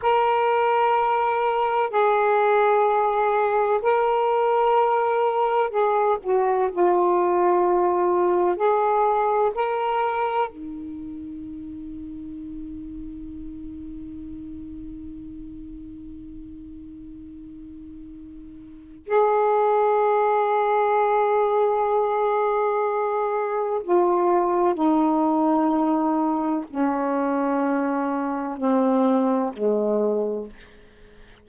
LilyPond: \new Staff \with { instrumentName = "saxophone" } { \time 4/4 \tempo 4 = 63 ais'2 gis'2 | ais'2 gis'8 fis'8 f'4~ | f'4 gis'4 ais'4 dis'4~ | dis'1~ |
dis'1 | gis'1~ | gis'4 f'4 dis'2 | cis'2 c'4 gis4 | }